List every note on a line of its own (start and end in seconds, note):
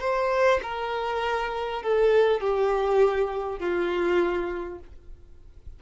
0.00 0.60 C5
0.63 1.82 A#4
1.82 2.41 A4
2.41 3.59 G4
3.59 4.79 F4